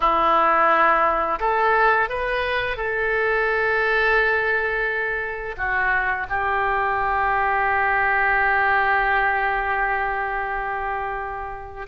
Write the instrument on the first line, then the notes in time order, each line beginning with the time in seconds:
oboe
0.00 E4
1.40 A4
2.09 B4
2.76 A4
5.57 F#4
6.29 G4